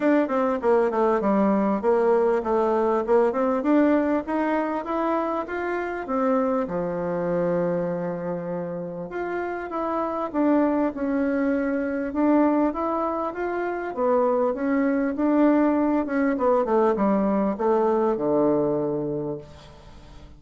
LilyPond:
\new Staff \with { instrumentName = "bassoon" } { \time 4/4 \tempo 4 = 99 d'8 c'8 ais8 a8 g4 ais4 | a4 ais8 c'8 d'4 dis'4 | e'4 f'4 c'4 f4~ | f2. f'4 |
e'4 d'4 cis'2 | d'4 e'4 f'4 b4 | cis'4 d'4. cis'8 b8 a8 | g4 a4 d2 | }